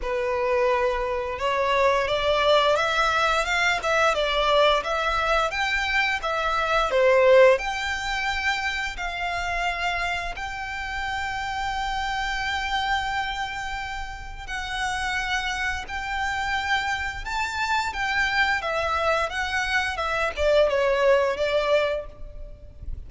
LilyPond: \new Staff \with { instrumentName = "violin" } { \time 4/4 \tempo 4 = 87 b'2 cis''4 d''4 | e''4 f''8 e''8 d''4 e''4 | g''4 e''4 c''4 g''4~ | g''4 f''2 g''4~ |
g''1~ | g''4 fis''2 g''4~ | g''4 a''4 g''4 e''4 | fis''4 e''8 d''8 cis''4 d''4 | }